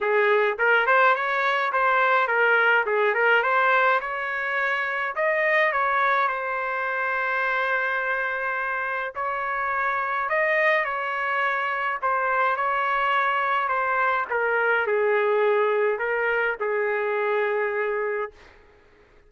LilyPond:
\new Staff \with { instrumentName = "trumpet" } { \time 4/4 \tempo 4 = 105 gis'4 ais'8 c''8 cis''4 c''4 | ais'4 gis'8 ais'8 c''4 cis''4~ | cis''4 dis''4 cis''4 c''4~ | c''1 |
cis''2 dis''4 cis''4~ | cis''4 c''4 cis''2 | c''4 ais'4 gis'2 | ais'4 gis'2. | }